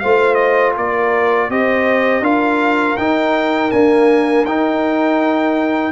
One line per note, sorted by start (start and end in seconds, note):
0.00 0.77 A3
0.00 1.51 F4
0.00 0.76 C5
0.00 0.35 F5
0.35 0.72 D#5
0.77 1.50 A#3
0.77 1.49 A#4
0.77 1.51 D5
1.49 2.21 C4
1.49 2.23 G4
1.49 2.23 C5
1.49 2.24 D#5
2.21 2.95 D4
2.21 2.97 F4
2.21 5.92 A#4
2.21 2.97 F5
2.97 3.72 D#4
2.97 3.71 G5
3.71 4.46 A#3
3.71 4.44 D4
3.71 4.45 G#5
4.44 5.92 D#4
4.44 5.92 G5